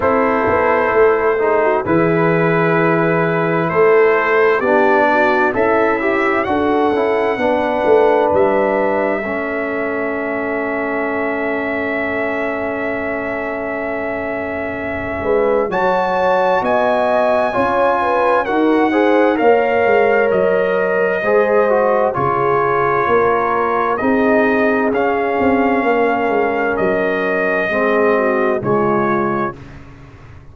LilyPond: <<
  \new Staff \with { instrumentName = "trumpet" } { \time 4/4 \tempo 4 = 65 c''2 b'2 | c''4 d''4 e''4 fis''4~ | fis''4 e''2.~ | e''1~ |
e''4 a''4 gis''2 | fis''4 f''4 dis''2 | cis''2 dis''4 f''4~ | f''4 dis''2 cis''4 | }
  \new Staff \with { instrumentName = "horn" } { \time 4/4 a'4. gis'16 fis'16 gis'2 | a'4 g'8 fis'8 e'4 a'4 | b'2 a'2~ | a'1~ |
a'8 b'8 cis''4 dis''4 cis''8 b'8 | ais'8 c''8 cis''2 c''4 | gis'4 ais'4 gis'2 | ais'2 gis'8 fis'8 f'4 | }
  \new Staff \with { instrumentName = "trombone" } { \time 4/4 e'4. dis'8 e'2~ | e'4 d'4 a'8 g'8 fis'8 e'8 | d'2 cis'2~ | cis'1~ |
cis'4 fis'2 f'4 | fis'8 gis'8 ais'2 gis'8 fis'8 | f'2 dis'4 cis'4~ | cis'2 c'4 gis4 | }
  \new Staff \with { instrumentName = "tuba" } { \time 4/4 c'8 b8 a4 e2 | a4 b4 cis'4 d'8 cis'8 | b8 a8 g4 a2~ | a1~ |
a8 gis8 fis4 b4 cis'4 | dis'4 ais8 gis8 fis4 gis4 | cis4 ais4 c'4 cis'8 c'8 | ais8 gis8 fis4 gis4 cis4 | }
>>